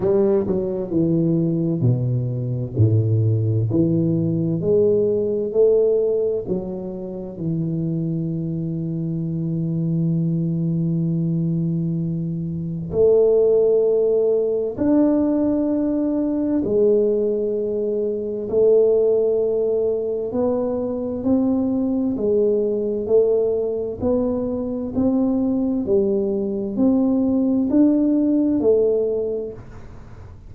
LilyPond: \new Staff \with { instrumentName = "tuba" } { \time 4/4 \tempo 4 = 65 g8 fis8 e4 b,4 a,4 | e4 gis4 a4 fis4 | e1~ | e2 a2 |
d'2 gis2 | a2 b4 c'4 | gis4 a4 b4 c'4 | g4 c'4 d'4 a4 | }